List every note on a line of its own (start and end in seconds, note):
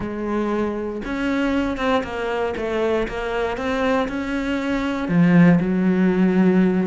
0.00 1.02 G#3
1.04 1.77 C#4
1.77 2.02 C4
2.03 2.54 A#3
2.56 3.07 A3
3.08 3.57 A#3
3.57 4.08 C4
4.08 5.08 C#4
5.08 5.59 F3
5.60 6.86 F#3